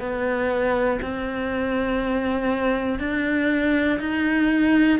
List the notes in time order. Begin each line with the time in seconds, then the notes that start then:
0.00 B3
1.01 C4
2.99 D4
4.00 D#4